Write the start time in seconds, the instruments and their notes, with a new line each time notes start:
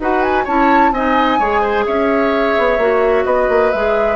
0.00 bassoon D#4, clarinet F#4, oboe B4, flute F#5
0.23 flute G#5
0.45 bassoon C#4, clarinet E4, oboe C#5, flute A5
0.92 bassoon C4, clarinet D#4, oboe D#5, flute G#5
1.40 bassoon G#3, clarinet G#4, oboe C#5
1.61 oboe C5
1.87 bassoon C#4, oboe C#5, flute E5
2.58 bassoon B3
2.78 bassoon A#3, clarinet F#4
3.25 bassoon B3, oboe B4, flute D#5
3.50 bassoon A#3
3.72 bassoon G#3, clarinet G#4, flute E5